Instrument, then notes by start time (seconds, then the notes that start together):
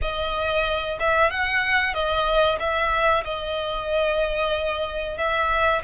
violin
0.01 D#5
0.99 E5
1.30 F#5
1.94 D#5
2.59 E5
3.24 D#5
5.17 E5